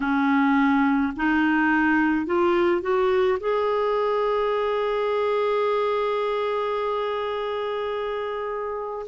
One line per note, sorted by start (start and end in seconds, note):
0.00 1.13 C#4
1.16 2.26 D#4
2.26 2.81 F4
2.81 3.38 F#4
3.40 9.06 G#4